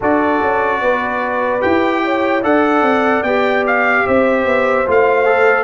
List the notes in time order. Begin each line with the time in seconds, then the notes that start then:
0.00 D4 F#4 A4 D5
0.41 C#4
0.81 B3 B4
1.60 E4 G4 G5
2.04 C#5
2.42 D4 A4 D5 F#5
2.82 C4
3.22 B3 G4 G5
3.66 F5
4.05 C4 C5 E5
4.45 B3
4.86 A3 F4 F5
5.24 A4